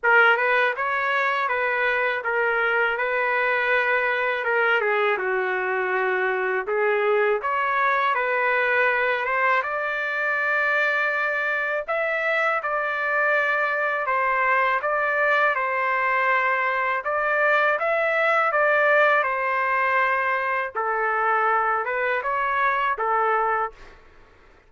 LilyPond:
\new Staff \with { instrumentName = "trumpet" } { \time 4/4 \tempo 4 = 81 ais'8 b'8 cis''4 b'4 ais'4 | b'2 ais'8 gis'8 fis'4~ | fis'4 gis'4 cis''4 b'4~ | b'8 c''8 d''2. |
e''4 d''2 c''4 | d''4 c''2 d''4 | e''4 d''4 c''2 | a'4. b'8 cis''4 a'4 | }